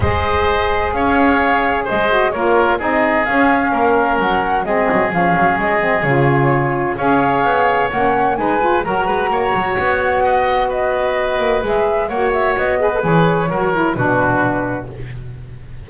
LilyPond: <<
  \new Staff \with { instrumentName = "flute" } { \time 4/4 \tempo 4 = 129 dis''2 f''2 | dis''4 cis''4 dis''4 f''4~ | f''4 fis''4 dis''4 f''4 | dis''4 cis''2 f''4~ |
f''4 fis''4 gis''4 ais''4~ | ais''4 fis''2 dis''4~ | dis''4 e''4 fis''8 e''8 dis''4 | cis''2 b'2 | }
  \new Staff \with { instrumentName = "oboe" } { \time 4/4 c''2 cis''2 | c''4 ais'4 gis'2 | ais'2 gis'2~ | gis'2. cis''4~ |
cis''2 b'4 ais'8 b'8 | cis''2 dis''4 b'4~ | b'2 cis''4. b'8~ | b'4 ais'4 fis'2 | }
  \new Staff \with { instrumentName = "saxophone" } { \time 4/4 gis'1~ | gis'8 fis'8 f'4 dis'4 cis'4~ | cis'2 c'4 cis'4~ | cis'8 c'8 f'2 gis'4~ |
gis'4 cis'4 dis'8 f'8 fis'4~ | fis'1~ | fis'4 gis'4 fis'4. gis'16 a'16 | gis'4 fis'8 e'8 d'2 | }
  \new Staff \with { instrumentName = "double bass" } { \time 4/4 gis2 cis'2 | gis4 ais4 c'4 cis'4 | ais4 fis4 gis8 fis8 f8 fis8 | gis4 cis2 cis'4 |
b4 ais4 gis4 fis8 gis8 | ais8 fis8 b2.~ | b8 ais8 gis4 ais4 b4 | e4 fis4 b,2 | }
>>